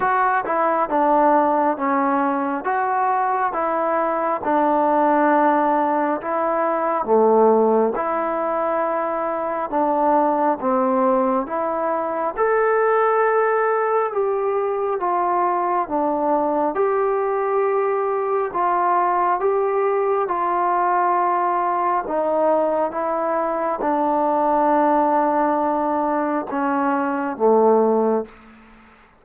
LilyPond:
\new Staff \with { instrumentName = "trombone" } { \time 4/4 \tempo 4 = 68 fis'8 e'8 d'4 cis'4 fis'4 | e'4 d'2 e'4 | a4 e'2 d'4 | c'4 e'4 a'2 |
g'4 f'4 d'4 g'4~ | g'4 f'4 g'4 f'4~ | f'4 dis'4 e'4 d'4~ | d'2 cis'4 a4 | }